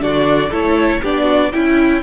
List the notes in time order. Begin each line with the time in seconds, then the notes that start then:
0.00 D3 D4 F#4 D5
0.50 A3 E4 A4 C#5
1.02 B3 D4 G4 D5
1.23 F#4
1.52 C#4 E4 G5